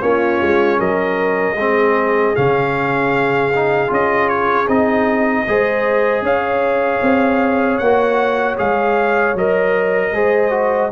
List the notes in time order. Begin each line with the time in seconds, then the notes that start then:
0.00 A#3 C#4 F4 C#5
0.41 G#3
0.78 F#3 A#4 D#5
1.56 G#3 C4 G#4
2.35 C#3 C#4 F5
3.55 D#4
3.87 C#4 F4 D#5
4.28 C#5
4.68 C4 D#4 D#5
5.48 G#3 G#4 C5
6.22 C#4 C#5 F5
7.02 C4
7.78 A#3 F#5
7.84 F#4
8.57 G#3 G#4 F5
9.34 F#3 A#4 D#5
10.12 G#3 G#4 C5
10.50 F#4